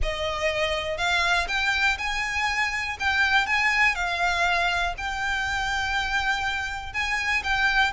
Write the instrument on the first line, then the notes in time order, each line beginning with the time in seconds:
violin
0.02 D#5
0.97 F5
1.48 G5
1.97 G#5
2.99 G5
3.46 G#5
3.95 F5
4.97 G5
6.93 G#5
7.43 G5